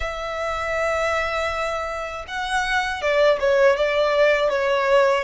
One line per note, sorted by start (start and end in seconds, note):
0.00 2.25 E5
2.27 3.01 F#5
3.01 3.39 D5
3.39 3.76 C#5
3.76 4.49 D5
4.49 5.23 C#5